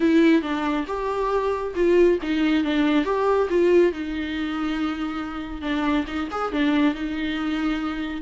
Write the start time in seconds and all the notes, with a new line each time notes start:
0.00 E4
0.42 D4
0.87 G4
1.75 F4
2.22 D#4
2.63 D4
3.04 G4
3.49 F4
3.92 D#4
5.61 D4
6.07 D#4
6.31 G#4
6.52 D4
6.94 D#4